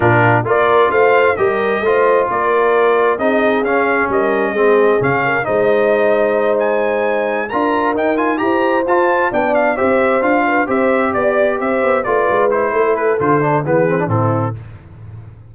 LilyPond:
<<
  \new Staff \with { instrumentName = "trumpet" } { \time 4/4 \tempo 4 = 132 ais'4 d''4 f''4 dis''4~ | dis''4 d''2 dis''4 | f''4 dis''2 f''4 | dis''2~ dis''8 gis''4.~ |
gis''8 ais''4 g''8 gis''8 ais''4 a''8~ | a''8 g''8 f''8 e''4 f''4 e''8~ | e''8 d''4 e''4 d''4 c''8~ | c''8 b'8 c''4 b'4 a'4 | }
  \new Staff \with { instrumentName = "horn" } { \time 4/4 f'4 ais'4 c''4 ais'4 | c''4 ais'2 gis'4~ | gis'4 ais'4 gis'4. ais'8 | c''1~ |
c''8 ais'2 c''4.~ | c''8 d''4 c''4. b'8 c''8~ | c''8 d''4 c''4 b'4. | a'2 gis'4 e'4 | }
  \new Staff \with { instrumentName = "trombone" } { \time 4/4 d'4 f'2 g'4 | f'2. dis'4 | cis'2 c'4 cis'4 | dis'1~ |
dis'8 f'4 dis'8 f'8 g'4 f'8~ | f'8 d'4 g'4 f'4 g'8~ | g'2~ g'8 f'4 e'8~ | e'4 f'8 d'8 b8 c'16 d'16 c'4 | }
  \new Staff \with { instrumentName = "tuba" } { \time 4/4 ais,4 ais4 a4 g4 | a4 ais2 c'4 | cis'4 g4 gis4 cis4 | gis1~ |
gis8 d'4 dis'4 e'4 f'8~ | f'8 b4 c'4 d'4 c'8~ | c'8 b4 c'8 b8 a8 gis4 | a4 d4 e4 a,4 | }
>>